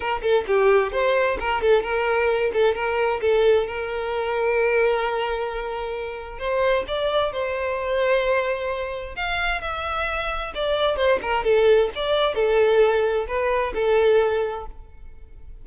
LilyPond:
\new Staff \with { instrumentName = "violin" } { \time 4/4 \tempo 4 = 131 ais'8 a'8 g'4 c''4 ais'8 a'8 | ais'4. a'8 ais'4 a'4 | ais'1~ | ais'2 c''4 d''4 |
c''1 | f''4 e''2 d''4 | c''8 ais'8 a'4 d''4 a'4~ | a'4 b'4 a'2 | }